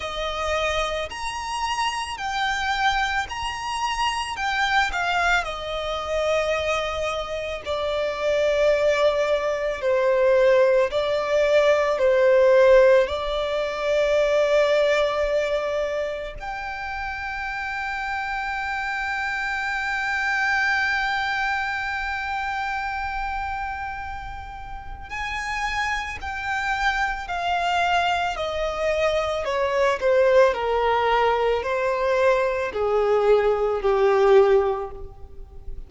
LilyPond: \new Staff \with { instrumentName = "violin" } { \time 4/4 \tempo 4 = 55 dis''4 ais''4 g''4 ais''4 | g''8 f''8 dis''2 d''4~ | d''4 c''4 d''4 c''4 | d''2. g''4~ |
g''1~ | g''2. gis''4 | g''4 f''4 dis''4 cis''8 c''8 | ais'4 c''4 gis'4 g'4 | }